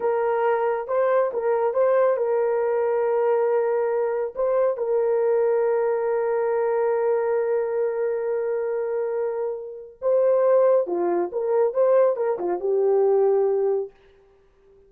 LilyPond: \new Staff \with { instrumentName = "horn" } { \time 4/4 \tempo 4 = 138 ais'2 c''4 ais'4 | c''4 ais'2.~ | ais'2 c''4 ais'4~ | ais'1~ |
ais'1~ | ais'2. c''4~ | c''4 f'4 ais'4 c''4 | ais'8 f'8 g'2. | }